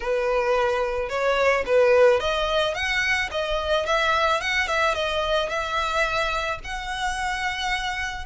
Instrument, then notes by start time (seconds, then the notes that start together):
violin
0.00 B4
1.09 C#5
1.66 B4
2.20 D#5
2.74 F#5
3.31 D#5
3.86 E5
4.41 F#5
4.67 E5
4.94 D#5
5.49 E5
6.64 F#5